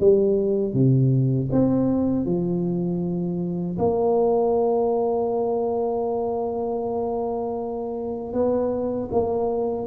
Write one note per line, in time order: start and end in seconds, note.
0.00 0.73 G3
0.73 1.49 C3
1.52 2.25 C4
2.25 3.77 F3
3.78 8.33 A#3
8.33 9.09 B3
9.11 9.86 A#3